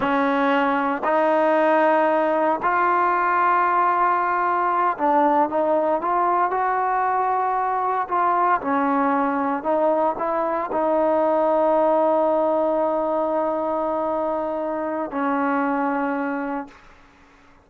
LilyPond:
\new Staff \with { instrumentName = "trombone" } { \time 4/4 \tempo 4 = 115 cis'2 dis'2~ | dis'4 f'2.~ | f'4. d'4 dis'4 f'8~ | f'8 fis'2. f'8~ |
f'8 cis'2 dis'4 e'8~ | e'8 dis'2.~ dis'8~ | dis'1~ | dis'4 cis'2. | }